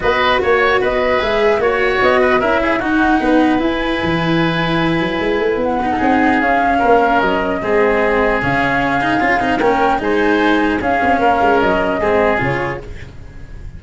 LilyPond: <<
  \new Staff \with { instrumentName = "flute" } { \time 4/4 \tempo 4 = 150 dis''4 cis''4 dis''4 e''4 | cis''4 dis''4 e''4 fis''4~ | fis''4 gis''2.~ | gis''2 fis''2 |
f''2 dis''2~ | dis''4 f''2. | g''4 gis''2 f''4~ | f''4 dis''2 cis''4 | }
  \new Staff \with { instrumentName = "oboe" } { \time 4/4 b'4 cis''4 b'2 | cis''4. b'8 ais'8 gis'8 fis'4 | b'1~ | b'2~ b'8. a'16 gis'4~ |
gis'4 ais'2 gis'4~ | gis'1 | ais'4 c''2 gis'4 | ais'2 gis'2 | }
  \new Staff \with { instrumentName = "cello" } { \time 4/4 fis'2. gis'4 | fis'2 e'4 dis'4~ | dis'4 e'2.~ | e'2~ e'8 dis'4. |
cis'2. c'4~ | c'4 cis'4. dis'8 f'8 dis'8 | cis'4 dis'2 cis'4~ | cis'2 c'4 f'4 | }
  \new Staff \with { instrumentName = "tuba" } { \time 4/4 b4 ais4 b4 gis4 | ais4 b4 cis'4 dis'4 | b4 e'4 e2~ | e8 fis8 gis8 a8 b4 c'4 |
cis'4 ais4 fis4 gis4~ | gis4 cis2 cis'8 c'8 | ais4 gis2 cis'8 c'8 | ais8 gis8 fis4 gis4 cis4 | }
>>